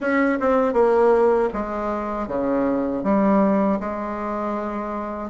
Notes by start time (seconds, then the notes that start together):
0.00 C#4
0.40 C4
0.73 A#3
1.53 G#3
2.28 C#3
3.03 G3
3.80 G#3